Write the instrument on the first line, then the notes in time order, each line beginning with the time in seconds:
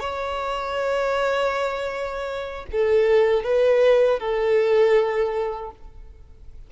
violin
0.00 C#5
2.72 A4
3.43 B4
4.19 A4